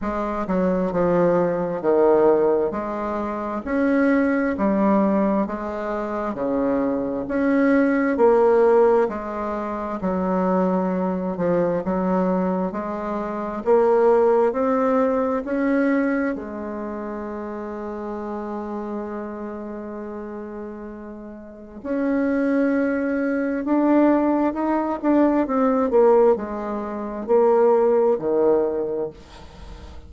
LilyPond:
\new Staff \with { instrumentName = "bassoon" } { \time 4/4 \tempo 4 = 66 gis8 fis8 f4 dis4 gis4 | cis'4 g4 gis4 cis4 | cis'4 ais4 gis4 fis4~ | fis8 f8 fis4 gis4 ais4 |
c'4 cis'4 gis2~ | gis1 | cis'2 d'4 dis'8 d'8 | c'8 ais8 gis4 ais4 dis4 | }